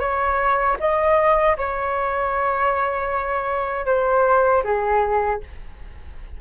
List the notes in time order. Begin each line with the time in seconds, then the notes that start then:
0.00 C#5
0.80 D#5
1.57 C#5
3.86 C5
4.64 G#4